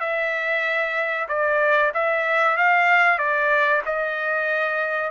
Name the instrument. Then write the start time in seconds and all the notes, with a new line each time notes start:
trumpet
0.00 E5
1.29 D5
1.94 E5
2.57 F5
3.19 D5
3.86 D#5